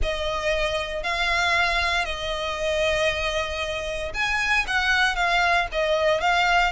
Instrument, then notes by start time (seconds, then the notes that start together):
violin
0.02 D#5
1.03 F5
2.05 D#5
4.14 G#5
4.67 F#5
5.15 F5
5.72 D#5
6.21 F5